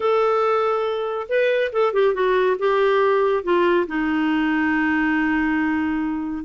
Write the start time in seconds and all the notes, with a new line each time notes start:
0.00 A4
1.28 B4
1.72 A4
1.93 G4
2.14 F#4
2.58 G4
3.43 F4
3.87 D#4